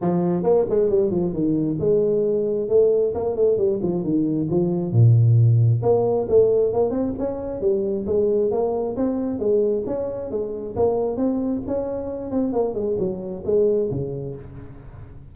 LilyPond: \new Staff \with { instrumentName = "tuba" } { \time 4/4 \tempo 4 = 134 f4 ais8 gis8 g8 f8 dis4 | gis2 a4 ais8 a8 | g8 f8 dis4 f4 ais,4~ | ais,4 ais4 a4 ais8 c'8 |
cis'4 g4 gis4 ais4 | c'4 gis4 cis'4 gis4 | ais4 c'4 cis'4. c'8 | ais8 gis8 fis4 gis4 cis4 | }